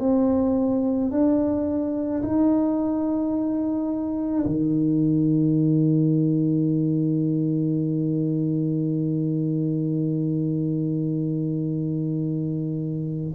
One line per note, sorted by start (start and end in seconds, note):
0.00 1.11 C4
1.11 2.22 D4
2.23 4.45 D#4
4.45 13.34 D#3